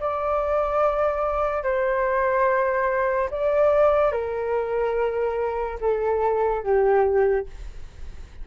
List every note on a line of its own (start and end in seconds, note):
0.00 1.63 D5
1.63 3.30 C5
3.31 4.12 D5
4.12 5.79 A#4
5.81 6.64 A4
6.64 7.47 G4